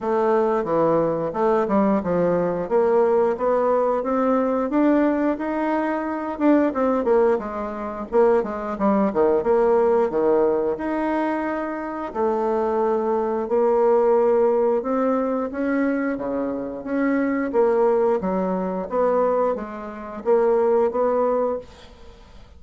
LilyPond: \new Staff \with { instrumentName = "bassoon" } { \time 4/4 \tempo 4 = 89 a4 e4 a8 g8 f4 | ais4 b4 c'4 d'4 | dis'4. d'8 c'8 ais8 gis4 | ais8 gis8 g8 dis8 ais4 dis4 |
dis'2 a2 | ais2 c'4 cis'4 | cis4 cis'4 ais4 fis4 | b4 gis4 ais4 b4 | }